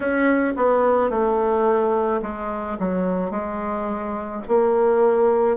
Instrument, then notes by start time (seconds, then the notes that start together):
bassoon
0.00 C#4
0.56 B3
1.10 A3
2.22 G#3
2.79 F#3
3.30 G#3
4.47 A#3